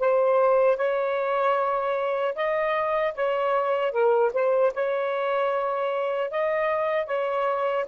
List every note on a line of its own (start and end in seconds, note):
0.00 0.77 C5
0.77 2.35 C#5
2.35 3.14 D#5
3.15 3.92 C#5
3.92 4.32 A#4
4.34 4.73 C5
4.74 6.31 C#5
6.31 7.07 D#5
7.07 7.86 C#5